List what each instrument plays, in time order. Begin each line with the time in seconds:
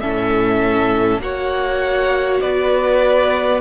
0.00 cello A2, viola C#4, violin A4 E5
1.19 cello A#3, viola F#4, violin C#5 F#5
2.41 cello B3, violin B4 D5